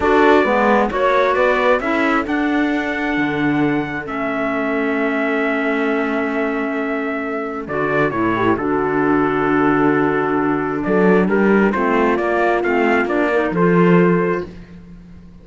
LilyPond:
<<
  \new Staff \with { instrumentName = "trumpet" } { \time 4/4 \tempo 4 = 133 d''2 cis''4 d''4 | e''4 fis''2.~ | fis''4 e''2.~ | e''1~ |
e''4 d''4 cis''4 a'4~ | a'1 | d''4 ais'4 c''4 d''4 | f''4 d''4 c''2 | }
  \new Staff \with { instrumentName = "horn" } { \time 4/4 a'4 b'4 cis''4 b'4 | a'1~ | a'1~ | a'1~ |
a'2~ a'8 g'8 fis'4~ | fis'1 | a'4 g'4 f'2~ | f'4. ais'8 a'2 | }
  \new Staff \with { instrumentName = "clarinet" } { \time 4/4 fis'4 b4 fis'2 | e'4 d'2.~ | d'4 cis'2.~ | cis'1~ |
cis'4 fis'4 e'4 d'4~ | d'1~ | d'2 c'4 ais4 | c'4 d'8 dis'8 f'2 | }
  \new Staff \with { instrumentName = "cello" } { \time 4/4 d'4 gis4 ais4 b4 | cis'4 d'2 d4~ | d4 a2.~ | a1~ |
a4 d4 a,4 d4~ | d1 | fis4 g4 a4 ais4 | a4 ais4 f2 | }
>>